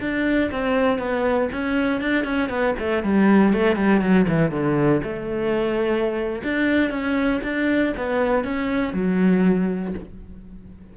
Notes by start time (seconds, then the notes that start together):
0.00 D4
0.51 C4
0.99 B3
1.52 C#4
2.01 D4
2.24 C#4
2.49 B3
2.79 A3
3.03 G3
3.53 A3
3.76 G3
4.01 F#3
4.28 E3
4.51 D3
5.03 A3
6.43 D4
6.90 C#4
7.43 D4
7.97 B3
8.44 C#4
8.93 F#3